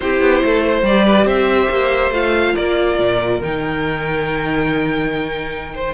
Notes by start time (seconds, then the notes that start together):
0.00 C4 E4 G4 C5
0.20 B3
0.44 A3 A4
0.64 C5
0.82 G3 G4 D5
1.04 B4
1.25 C4 C5 E5
1.69 A#3
2.10 A3 F4 F5
2.54 A#3 A#4 D5
2.98 A#2
3.41 D#3 D#4 G5
5.74 C5